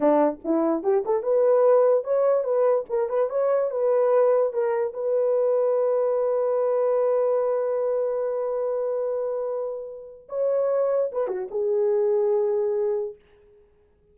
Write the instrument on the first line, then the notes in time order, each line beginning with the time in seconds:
horn
0.00 D4
0.44 E4
0.83 G4
1.05 A4
1.22 B4
2.03 C#5
2.44 B4
2.89 A#4
3.09 B4
3.29 C#5
3.71 B4
4.53 A#4
4.93 B4
10.29 C#5
11.12 B4
11.27 F#4
11.51 G#4